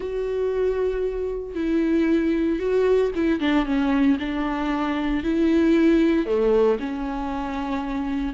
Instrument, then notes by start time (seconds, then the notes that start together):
viola
0.00 F#4
1.54 E4
2.59 F#4
3.15 E4
3.39 D4
3.65 C#4
4.19 D4
5.23 E4
6.26 A3
6.79 C#4